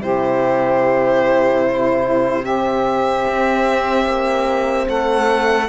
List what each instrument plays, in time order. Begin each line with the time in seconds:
0.00 cello C3, horn E4, saxophone G4, violin C5
1.66 saxophone E4
2.43 horn C4, saxophone G4, violin E5
3.27 cello C4
4.06 cello A#3
4.88 cello A3, saxophone A4, violin F#5